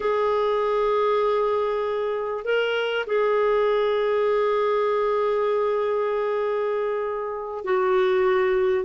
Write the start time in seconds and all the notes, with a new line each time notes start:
0.00 G#4
2.44 A#4
3.06 G#4
7.64 F#4